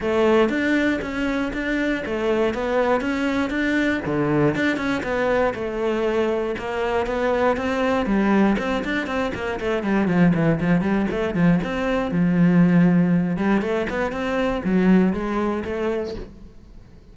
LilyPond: \new Staff \with { instrumentName = "cello" } { \time 4/4 \tempo 4 = 119 a4 d'4 cis'4 d'4 | a4 b4 cis'4 d'4 | d4 d'8 cis'8 b4 a4~ | a4 ais4 b4 c'4 |
g4 c'8 d'8 c'8 ais8 a8 g8 | f8 e8 f8 g8 a8 f8 c'4 | f2~ f8 g8 a8 b8 | c'4 fis4 gis4 a4 | }